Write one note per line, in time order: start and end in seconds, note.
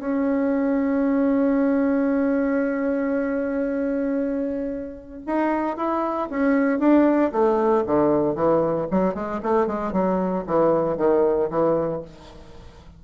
0.00 5.22 C#4
5.27 5.77 D#4
5.77 6.29 E4
6.31 6.80 C#4
6.80 7.32 D4
7.32 7.85 A3
7.87 8.36 D3
8.36 8.88 E3
8.91 9.15 F#3
9.15 9.41 G#3
9.43 9.67 A3
9.67 9.93 G#3
9.93 10.45 F#3
10.47 10.98 E3
10.98 11.50 D#3
11.50 12.03 E3